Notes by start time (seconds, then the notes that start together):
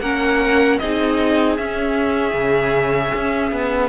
0.00 A#3 C#4 A#4 F#5
0.78 C4 D#4 G#4 D#5
1.56 C#4 E5
2.33 C#3
3.15 C#4
3.52 B3